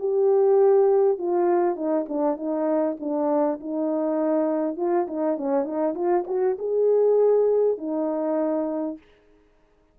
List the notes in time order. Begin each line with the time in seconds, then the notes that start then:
0.00 G4
1.18 F4
1.76 D#4
2.09 D4
2.37 D#4
3.00 D4
3.61 D#4
4.77 F4
5.08 D#4
5.38 C#4
5.65 D#4
5.95 F4
6.27 F#4
6.59 G#4
7.78 D#4